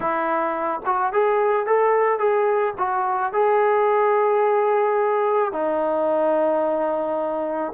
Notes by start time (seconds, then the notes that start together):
0.00 E4
0.85 F#4
1.12 G#4
1.66 A4
2.18 G#4
2.77 F#4
3.32 G#4
5.52 D#4